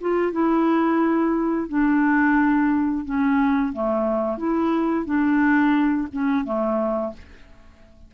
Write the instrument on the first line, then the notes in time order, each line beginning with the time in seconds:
clarinet
0.00 F4
0.32 E4
1.68 D4
3.04 C#4
3.73 A3
4.37 E4
5.05 D4
6.12 C#4
6.44 A3